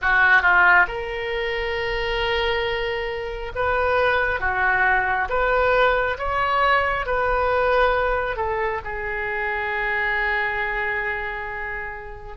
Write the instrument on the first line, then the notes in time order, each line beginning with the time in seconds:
oboe
0.01 F#4
0.42 F4
0.87 A#4
3.55 B4
4.40 F#4
5.29 B4
6.18 C#5
7.06 B4
8.36 A4
8.84 G#4